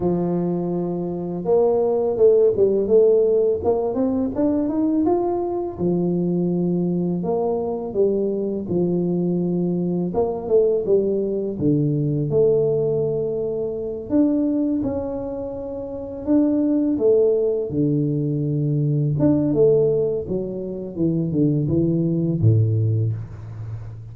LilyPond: \new Staff \with { instrumentName = "tuba" } { \time 4/4 \tempo 4 = 83 f2 ais4 a8 g8 | a4 ais8 c'8 d'8 dis'8 f'4 | f2 ais4 g4 | f2 ais8 a8 g4 |
d4 a2~ a8 d'8~ | d'8 cis'2 d'4 a8~ | a8 d2 d'8 a4 | fis4 e8 d8 e4 a,4 | }